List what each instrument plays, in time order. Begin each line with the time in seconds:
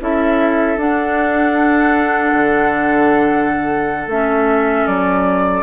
0.00 bassoon C#4, clarinet E4, oboe A4, flute E5
0.77 bassoon D4, clarinet D4, flute F#5
2.32 bassoon D3
4.06 bassoon A3, clarinet C#4, flute E5
4.87 bassoon F#3, flute D5